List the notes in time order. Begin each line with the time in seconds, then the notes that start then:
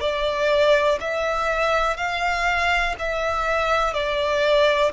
0.00 D5
1.00 E5
1.97 F5
2.99 E5
3.93 D5